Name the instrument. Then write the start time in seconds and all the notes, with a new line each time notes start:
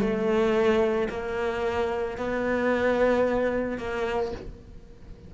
cello
0.00 A3
1.09 A#3
2.17 B3
3.77 A#3